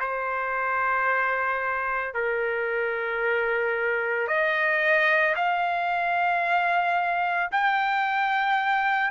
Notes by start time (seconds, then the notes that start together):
0.00 C5
2.14 A#4
4.28 D#5
5.36 F5
7.51 G5